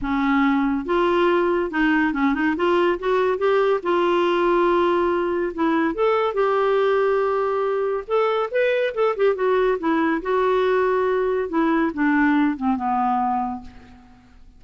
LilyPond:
\new Staff \with { instrumentName = "clarinet" } { \time 4/4 \tempo 4 = 141 cis'2 f'2 | dis'4 cis'8 dis'8 f'4 fis'4 | g'4 f'2.~ | f'4 e'4 a'4 g'4~ |
g'2. a'4 | b'4 a'8 g'8 fis'4 e'4 | fis'2. e'4 | d'4. c'8 b2 | }